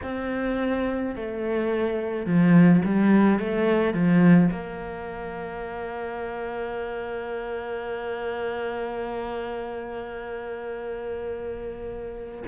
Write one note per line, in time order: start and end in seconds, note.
0.03 1.15 C4
1.15 2.25 A3
2.25 2.82 F3
2.85 3.39 G3
3.39 3.93 A3
3.93 4.50 F3
4.51 12.43 A#3